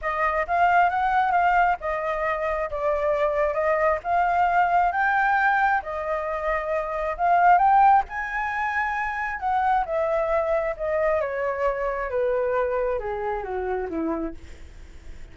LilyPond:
\new Staff \with { instrumentName = "flute" } { \time 4/4 \tempo 4 = 134 dis''4 f''4 fis''4 f''4 | dis''2 d''2 | dis''4 f''2 g''4~ | g''4 dis''2. |
f''4 g''4 gis''2~ | gis''4 fis''4 e''2 | dis''4 cis''2 b'4~ | b'4 gis'4 fis'4 e'4 | }